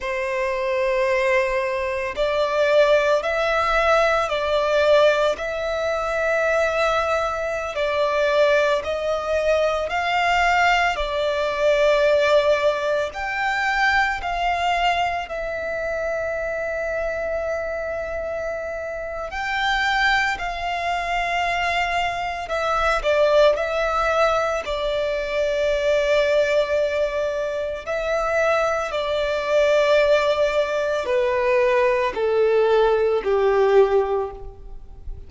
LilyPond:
\new Staff \with { instrumentName = "violin" } { \time 4/4 \tempo 4 = 56 c''2 d''4 e''4 | d''4 e''2~ e''16 d''8.~ | d''16 dis''4 f''4 d''4.~ d''16~ | d''16 g''4 f''4 e''4.~ e''16~ |
e''2 g''4 f''4~ | f''4 e''8 d''8 e''4 d''4~ | d''2 e''4 d''4~ | d''4 b'4 a'4 g'4 | }